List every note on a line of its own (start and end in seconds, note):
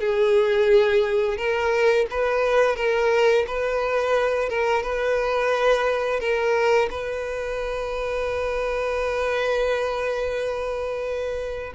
0.00 1.37 G#4
1.37 2.06 A#4
2.10 2.76 B4
2.76 3.45 A#4
3.47 4.49 B4
4.49 4.83 A#4
4.83 6.20 B4
6.20 6.89 A#4
6.91 11.73 B4